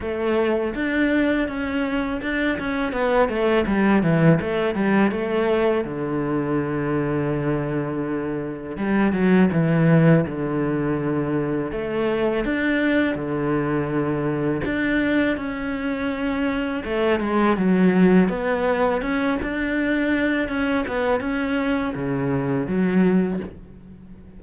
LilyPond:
\new Staff \with { instrumentName = "cello" } { \time 4/4 \tempo 4 = 82 a4 d'4 cis'4 d'8 cis'8 | b8 a8 g8 e8 a8 g8 a4 | d1 | g8 fis8 e4 d2 |
a4 d'4 d2 | d'4 cis'2 a8 gis8 | fis4 b4 cis'8 d'4. | cis'8 b8 cis'4 cis4 fis4 | }